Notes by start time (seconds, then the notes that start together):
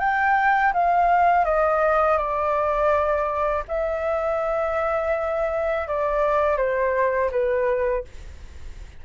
0.00 G5
0.74 F5
1.45 D#5
2.18 D5
3.68 E5
5.88 D5
6.58 C5
7.31 B4